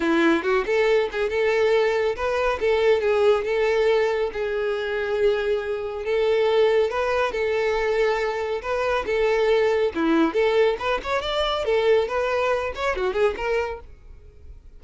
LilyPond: \new Staff \with { instrumentName = "violin" } { \time 4/4 \tempo 4 = 139 e'4 fis'8 a'4 gis'8 a'4~ | a'4 b'4 a'4 gis'4 | a'2 gis'2~ | gis'2 a'2 |
b'4 a'2. | b'4 a'2 e'4 | a'4 b'8 cis''8 d''4 a'4 | b'4. cis''8 fis'8 gis'8 ais'4 | }